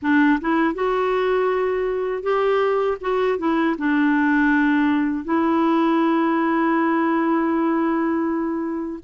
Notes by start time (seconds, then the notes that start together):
0.02 D4
0.40 E4
0.74 F#4
2.22 G4
3.00 F#4
3.38 E4
3.77 D4
5.24 E4